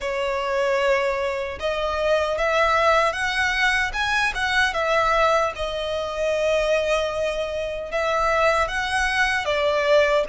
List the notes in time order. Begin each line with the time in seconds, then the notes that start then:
0.00 C#5
1.59 D#5
2.38 E5
3.12 F#5
3.93 G#5
4.34 F#5
4.73 E5
5.55 D#5
7.91 E5
8.68 F#5
9.45 D5